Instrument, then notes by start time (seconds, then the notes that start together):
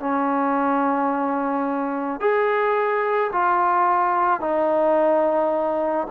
trombone
0.00 C#4
2.20 G#4
3.32 F4
4.41 D#4